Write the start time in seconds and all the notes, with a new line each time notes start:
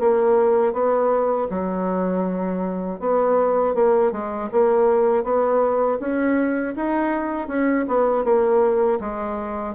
0.00 A#3
0.73 B3
1.50 F#3
3.00 B3
3.75 A#3
4.12 G#3
4.52 A#3
5.24 B3
6.00 C#4
6.76 D#4
7.48 C#4
7.88 B3
8.24 A#3
9.00 G#3